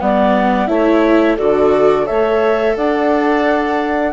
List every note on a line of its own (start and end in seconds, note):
0.00 0.68 G3
0.00 0.68 B3
0.00 0.69 D5
0.00 0.67 F#5
0.67 1.37 A3
0.67 1.37 E4
0.67 1.37 C#5
0.67 1.36 E5
1.37 2.08 D3
1.37 2.06 F#4
1.37 2.06 A4
1.37 2.07 D5
2.06 2.76 A3
2.06 4.12 A4
2.06 2.75 C#5
2.06 2.76 E5
2.76 4.12 D4
2.76 4.12 D5
2.76 4.12 F#5